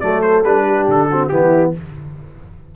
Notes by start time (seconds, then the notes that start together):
0.00 F#3 A3 A4 D5
0.22 C5
0.44 G3 D4 B4
0.66 G4
0.88 D3 A4
1.10 C4 F#4
1.28 E3 B3 E4 G4